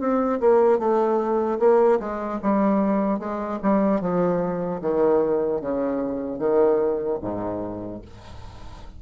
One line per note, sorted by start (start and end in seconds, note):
0.00 0.40 C4
0.40 0.79 A#3
0.79 1.59 A3
1.59 1.99 A#3
2.00 2.40 G#3
2.43 3.20 G3
3.20 3.60 G#3
3.63 4.01 G3
4.01 4.81 F3
4.81 5.61 D#3
5.61 6.39 C#3
6.39 7.19 D#3
7.22 8.02 G#2